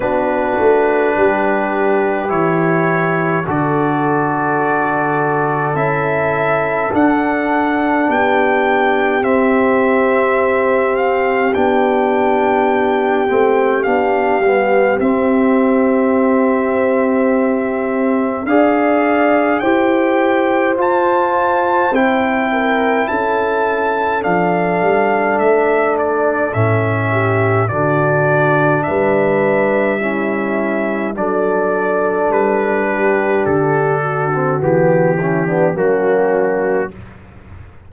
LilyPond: <<
  \new Staff \with { instrumentName = "trumpet" } { \time 4/4 \tempo 4 = 52 b'2 cis''4 d''4~ | d''4 e''4 fis''4 g''4 | e''4. f''8 g''2 | f''4 e''2. |
f''4 g''4 a''4 g''4 | a''4 f''4 e''8 d''8 e''4 | d''4 e''2 d''4 | b'4 a'4 g'4 fis'4 | }
  \new Staff \with { instrumentName = "horn" } { \time 4/4 fis'4 g'2 a'4~ | a'2. g'4~ | g'1~ | g'1 |
d''4 c''2~ c''8 ais'8 | a'2.~ a'8 g'8 | fis'4 b'4 e'4 a'4~ | a'8 g'4 fis'4 e'16 d'16 cis'4 | }
  \new Staff \with { instrumentName = "trombone" } { \time 4/4 d'2 e'4 fis'4~ | fis'4 e'4 d'2 | c'2 d'4. c'8 | d'8 b8 c'2. |
gis'4 g'4 f'4 e'4~ | e'4 d'2 cis'4 | d'2 cis'4 d'4~ | d'4.~ d'16 c'16 b8 cis'16 b16 ais4 | }
  \new Staff \with { instrumentName = "tuba" } { \time 4/4 b8 a8 g4 e4 d4~ | d4 cis'4 d'4 b4 | c'2 b4. a8 | b8 g8 c'2. |
d'4 e'4 f'4 c'4 | cis'4 f8 g8 a4 a,4 | d4 g2 fis4 | g4 d4 e4 fis4 | }
>>